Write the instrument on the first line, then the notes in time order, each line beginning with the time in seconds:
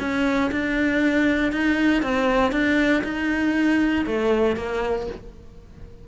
cello
0.00 C#4
0.52 D4
1.53 D#4
2.03 C4
2.52 D4
3.04 D#4
4.07 A3
4.56 A#3